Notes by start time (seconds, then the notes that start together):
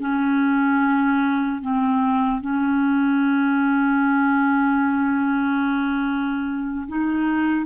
0.00 C#4
1.62 C4
2.42 C#4
6.88 D#4